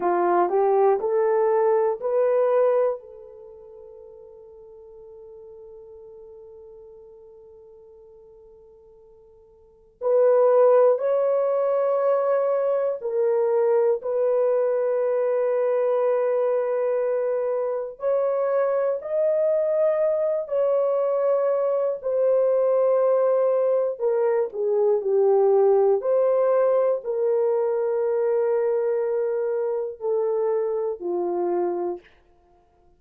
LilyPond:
\new Staff \with { instrumentName = "horn" } { \time 4/4 \tempo 4 = 60 f'8 g'8 a'4 b'4 a'4~ | a'1~ | a'2 b'4 cis''4~ | cis''4 ais'4 b'2~ |
b'2 cis''4 dis''4~ | dis''8 cis''4. c''2 | ais'8 gis'8 g'4 c''4 ais'4~ | ais'2 a'4 f'4 | }